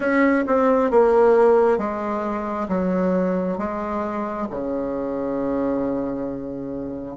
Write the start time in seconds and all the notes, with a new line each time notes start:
0.00 C#4
0.46 C4
0.90 A#3
1.78 G#3
2.68 F#3
3.58 G#3
4.50 C#3